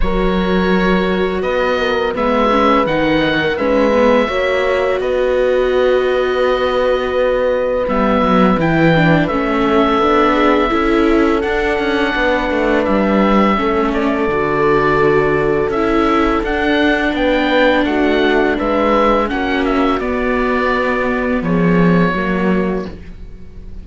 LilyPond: <<
  \new Staff \with { instrumentName = "oboe" } { \time 4/4 \tempo 4 = 84 cis''2 dis''4 e''4 | fis''4 e''2 dis''4~ | dis''2. e''4 | g''4 e''2. |
fis''2 e''4. d''8~ | d''2 e''4 fis''4 | g''4 fis''4 e''4 fis''8 e''8 | d''2 cis''2 | }
  \new Staff \with { instrumentName = "horn" } { \time 4/4 ais'2 b'8 ais'8 b'4~ | b'8. ais'16 b'4 cis''4 b'4~ | b'1~ | b'4. a'4 gis'8 a'4~ |
a'4 b'2 a'4~ | a'1 | b'4 fis'4 b'4 fis'4~ | fis'2 gis'4 fis'4 | }
  \new Staff \with { instrumentName = "viola" } { \time 4/4 fis'2. b8 cis'8 | dis'4 cis'8 b8 fis'2~ | fis'2. b4 | e'8 d'8 cis'4 d'4 e'4 |
d'2. cis'4 | fis'2 e'4 d'4~ | d'2. cis'4 | b2. ais4 | }
  \new Staff \with { instrumentName = "cello" } { \time 4/4 fis2 b4 gis4 | dis4 gis4 ais4 b4~ | b2. g8 fis8 | e4 a4 b4 cis'4 |
d'8 cis'8 b8 a8 g4 a4 | d2 cis'4 d'4 | b4 a4 gis4 ais4 | b2 f4 fis4 | }
>>